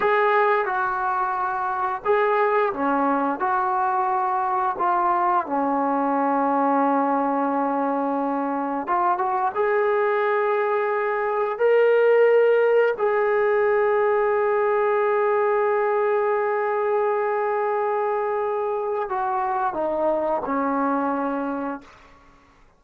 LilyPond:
\new Staff \with { instrumentName = "trombone" } { \time 4/4 \tempo 4 = 88 gis'4 fis'2 gis'4 | cis'4 fis'2 f'4 | cis'1~ | cis'4 f'8 fis'8 gis'2~ |
gis'4 ais'2 gis'4~ | gis'1~ | gis'1 | fis'4 dis'4 cis'2 | }